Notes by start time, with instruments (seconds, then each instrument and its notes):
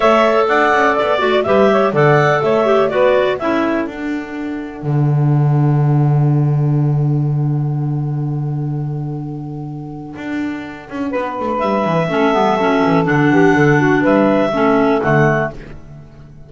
0.00 double bass A3, clarinet A4 E5, saxophone C#5
0.47 double bass D4, saxophone D5, clarinet F#5
0.72 double bass C#4
0.96 double bass B3, clarinet D5
1.19 double bass A3, clarinet F#4
1.43 double bass G3, clarinet G4 E5, saxophone B4
1.71 saxophone C#5
1.92 double bass D3, clarinet A4 F#5, saxophone D5
2.42 double bass A3, saxophone C#5, clarinet E5
2.65 clarinet G4
2.88 double bass B3, clarinet F#4 D5, saxophone B4
3.38 double bass C#4, clarinet E4 E5, saxophone A4
3.85 double bass D4, clarinet D4 F#5
4.82 double bass D3
10.15 double bass D4
10.89 double bass C#4
11.10 double bass B3, saxophone B4
11.39 double bass A3
11.59 double bass G3, clarinet E5
11.84 double bass E3
12.09 double bass A3, clarinet C#4, saxophone A4
12.32 double bass G3, clarinet B3
12.58 double bass F#3, clarinet C#4
12.85 double bass E3
13.04 double bass D3, clarinet D4 F#5
13.30 double bass E3, saxophone G4
13.54 double bass D3, saxophone A4
13.78 saxophone F#4
14.02 double bass G3, saxophone B4, clarinet E5
14.52 double bass A3, clarinet C#4, saxophone A4
15.01 double bass D3, clarinet A3 F#5